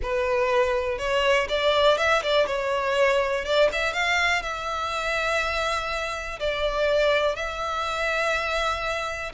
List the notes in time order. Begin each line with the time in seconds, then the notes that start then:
0.02 B4
0.98 C#5
1.48 D5
1.97 E5
2.22 D5
2.46 C#5
3.44 D5
3.72 E5
3.93 F5
4.42 E5
6.39 D5
7.35 E5